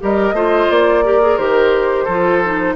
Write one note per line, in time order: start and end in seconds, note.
0.00 0.33 G3
0.00 0.34 G4
0.00 0.35 A#4
0.00 0.71 D#5
0.33 0.67 A3
0.33 1.04 F4
0.33 1.04 C5
0.70 1.38 A#3
0.70 1.38 D5
1.04 1.21 G4
1.04 2.05 A#4
1.22 1.39 G#4
1.38 2.07 D#3
1.38 2.08 G4
1.38 2.76 C5
2.05 2.76 F3
2.05 2.44 F4
2.05 2.74 A4
2.44 2.76 D#4